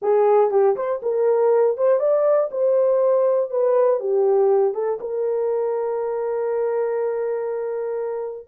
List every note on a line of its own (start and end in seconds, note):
0.02 0.50 G#4
0.50 0.75 G4
0.75 1.00 C5
1.02 1.77 A#4
1.77 1.99 C5
1.99 2.49 D5
2.51 3.50 C5
3.50 4.00 B4
4.00 4.74 G4
4.74 4.99 A4
5.00 8.47 A#4